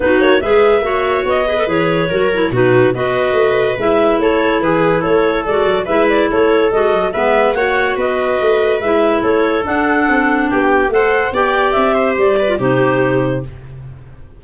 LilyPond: <<
  \new Staff \with { instrumentName = "clarinet" } { \time 4/4 \tempo 4 = 143 b'8 cis''8 e''2 dis''4 | cis''2 b'4 dis''4~ | dis''4 e''4 cis''4 b'4 | cis''4 d''4 e''8 d''8 cis''4 |
dis''4 e''4 fis''4 dis''4~ | dis''4 e''4 cis''4 fis''4~ | fis''4 g''4 fis''4 g''4 | e''4 d''4 c''2 | }
  \new Staff \with { instrumentName = "viola" } { \time 4/4 fis'4 b'4 cis''4. b'8~ | b'4 ais'4 fis'4 b'4~ | b'2 a'4 gis'4 | a'2 b'4 a'4~ |
a'4 b'4 cis''4 b'4~ | b'2 a'2~ | a'4 g'4 c''4 d''4~ | d''8 c''4 b'8 g'2 | }
  \new Staff \with { instrumentName = "clarinet" } { \time 4/4 dis'4 gis'4 fis'4. gis'16 a'16 | gis'4 fis'8 e'8 dis'4 fis'4~ | fis'4 e'2.~ | e'4 fis'4 e'2 |
fis'4 b4 fis'2~ | fis'4 e'2 d'4~ | d'2 a'4 g'4~ | g'4.~ g'16 f'16 dis'2 | }
  \new Staff \with { instrumentName = "tuba" } { \time 4/4 b8 ais8 gis4 ais4 b4 | e4 fis4 b,4 b4 | a4 gis4 a4 e4 | a4 gis8 fis8 gis4 a4 |
gis8 fis8 gis4 ais4 b4 | a4 gis4 a4 d'4 | c'4 b4 a4 b4 | c'4 g4 c2 | }
>>